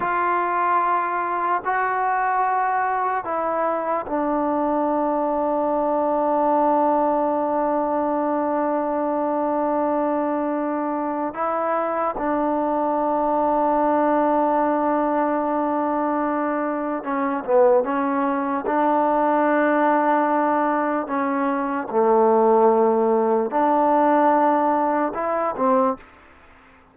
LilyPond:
\new Staff \with { instrumentName = "trombone" } { \time 4/4 \tempo 4 = 74 f'2 fis'2 | e'4 d'2.~ | d'1~ | d'2 e'4 d'4~ |
d'1~ | d'4 cis'8 b8 cis'4 d'4~ | d'2 cis'4 a4~ | a4 d'2 e'8 c'8 | }